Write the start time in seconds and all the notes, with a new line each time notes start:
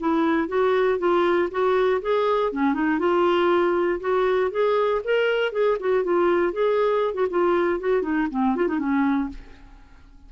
0.00 E4
0.48 F#4
0.99 F4
1.51 F#4
2.02 G#4
2.52 C#4
2.74 D#4
2.99 F4
4.00 F#4
4.51 G#4
5.04 A#4
5.53 G#4
5.80 F#4
6.04 F4
6.53 G#4
7.14 F#4
7.30 F4
7.80 F#4
8.02 D#4
8.31 C4
8.56 F4
8.68 D#4
8.79 C#4